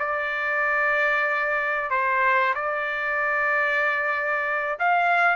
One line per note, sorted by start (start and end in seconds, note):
0.00 1.91 D5
1.91 2.55 C5
2.55 4.79 D5
4.80 5.36 F5